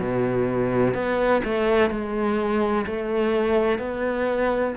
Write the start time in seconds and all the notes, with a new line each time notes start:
0.00 B2
0.94 B3
1.45 A3
1.90 G#3
2.87 A3
3.79 B3